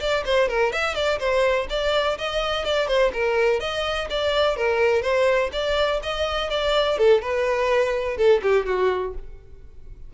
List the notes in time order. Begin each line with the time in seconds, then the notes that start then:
0.00 D5
0.25 C5
0.48 A#4
0.72 E5
0.95 D5
1.19 C5
1.70 D5
2.18 D#5
2.65 D5
2.88 C5
3.13 A#4
3.60 D#5
4.10 D5
4.56 A#4
5.02 C5
5.53 D5
6.03 D#5
6.50 D5
6.98 A4
7.22 B4
8.18 A4
8.43 G4
8.66 F#4